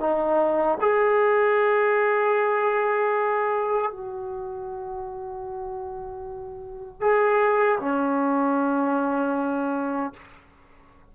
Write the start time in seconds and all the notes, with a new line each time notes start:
0.00 D#4
0.81 G#4
3.91 F#4
7.01 G#4
7.79 C#4